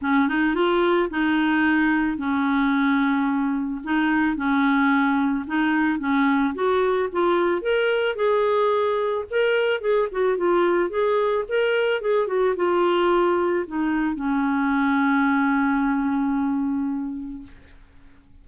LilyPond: \new Staff \with { instrumentName = "clarinet" } { \time 4/4 \tempo 4 = 110 cis'8 dis'8 f'4 dis'2 | cis'2. dis'4 | cis'2 dis'4 cis'4 | fis'4 f'4 ais'4 gis'4~ |
gis'4 ais'4 gis'8 fis'8 f'4 | gis'4 ais'4 gis'8 fis'8 f'4~ | f'4 dis'4 cis'2~ | cis'1 | }